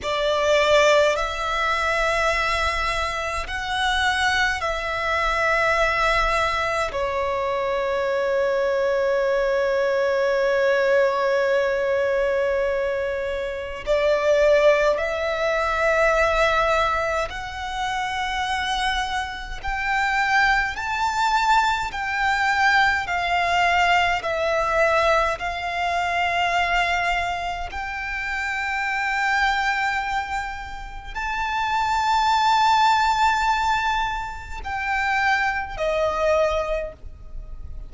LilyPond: \new Staff \with { instrumentName = "violin" } { \time 4/4 \tempo 4 = 52 d''4 e''2 fis''4 | e''2 cis''2~ | cis''1 | d''4 e''2 fis''4~ |
fis''4 g''4 a''4 g''4 | f''4 e''4 f''2 | g''2. a''4~ | a''2 g''4 dis''4 | }